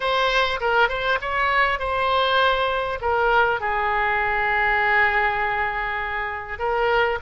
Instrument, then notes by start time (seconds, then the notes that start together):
oboe
0.00 C5
0.60 A#4
0.88 C5
1.21 C#5
1.79 C5
3.01 A#4
3.60 G#4
6.58 A#4